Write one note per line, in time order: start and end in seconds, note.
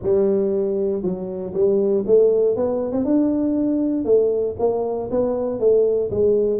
0.02 1.02 G3
1.02 1.53 F#3
1.53 2.04 G3
2.06 2.55 A3
2.55 2.91 B3
2.91 3.04 C4
3.04 4.04 D4
4.04 4.55 A3
4.59 5.10 A#3
5.10 5.59 B3
5.59 6.10 A3
6.11 6.59 G#3